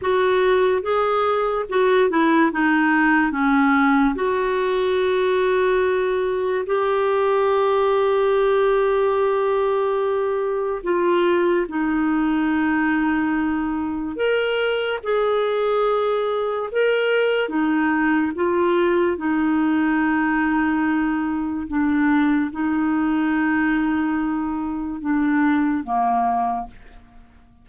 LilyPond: \new Staff \with { instrumentName = "clarinet" } { \time 4/4 \tempo 4 = 72 fis'4 gis'4 fis'8 e'8 dis'4 | cis'4 fis'2. | g'1~ | g'4 f'4 dis'2~ |
dis'4 ais'4 gis'2 | ais'4 dis'4 f'4 dis'4~ | dis'2 d'4 dis'4~ | dis'2 d'4 ais4 | }